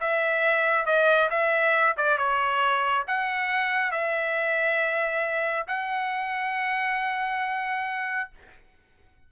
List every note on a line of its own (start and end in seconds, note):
0.00 0.86 E5
0.86 1.29 D#5
1.30 1.96 E5
1.97 2.18 D5
2.18 3.05 C#5
3.07 3.91 F#5
3.91 5.66 E5
5.67 8.30 F#5